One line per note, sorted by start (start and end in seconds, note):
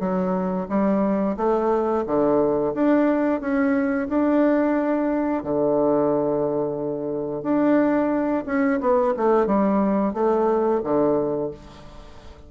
0.00 0.67 F#3
0.69 1.37 G3
1.37 2.05 A3
2.07 2.74 D3
2.75 3.41 D4
3.41 4.08 C#4
4.09 5.44 D4
5.44 7.43 D3
7.43 8.44 D4
8.47 8.80 C#4
8.81 9.14 B3
9.17 9.47 A3
9.47 10.14 G3
10.14 10.81 A3
10.84 11.51 D3